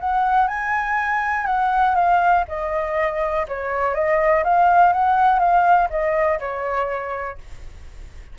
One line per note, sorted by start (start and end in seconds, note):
0.00 0.47 F#5
0.47 1.46 G#5
1.46 1.95 F#5
1.95 2.44 F5
2.48 3.46 D#5
3.48 3.94 C#5
3.94 4.43 D#5
4.44 4.92 F5
4.92 5.39 F#5
5.39 5.88 F5
5.90 6.39 D#5
6.39 7.38 C#5